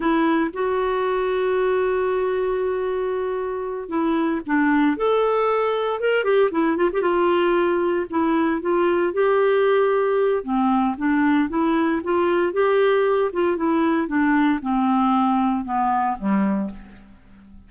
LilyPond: \new Staff \with { instrumentName = "clarinet" } { \time 4/4 \tempo 4 = 115 e'4 fis'2.~ | fis'2.~ fis'8 e'8~ | e'8 d'4 a'2 ais'8 | g'8 e'8 f'16 g'16 f'2 e'8~ |
e'8 f'4 g'2~ g'8 | c'4 d'4 e'4 f'4 | g'4. f'8 e'4 d'4 | c'2 b4 g4 | }